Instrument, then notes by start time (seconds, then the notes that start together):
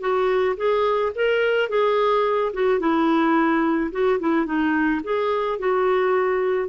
clarinet
0.00 F#4
0.56 G#4
1.15 A#4
1.69 G#4
2.53 F#4
2.79 E4
3.91 F#4
4.19 E4
4.45 D#4
5.03 G#4
5.58 F#4